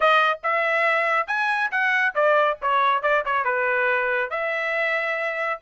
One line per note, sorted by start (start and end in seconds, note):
0.00 0.39 D#5
0.43 1.27 E5
1.27 1.70 G#5
1.71 2.14 F#5
2.14 2.58 D5
2.61 3.02 C#5
3.02 3.24 D5
3.25 3.44 C#5
3.44 4.30 B4
4.30 5.60 E5